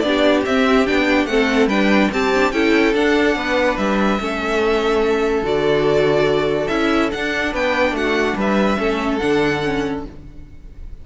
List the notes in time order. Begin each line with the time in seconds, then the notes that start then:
0.00 B3 D4 D5
0.07 G4
0.46 C4 E5
0.87 B3 D4 G5
1.26 A3 C4 A4 F#5
1.67 G3 D4 B4 G5
2.13 C4 G4 A5
2.34 D4
2.53 C#4 E4 A4 G5
2.94 D4 F#5
3.36 B3 B4
3.78 G3 E5
4.20 A3 C#4 A4
5.43 D3 F#4 D5
6.68 C#4 E4 E5
7.12 D4 F#5
7.53 B3 B4 G5
7.92 A3 F#4 F#5
8.37 G3 B4 E5
8.78 A3 C#4 A4
9.18 D3 D4 F#5
9.64 C#4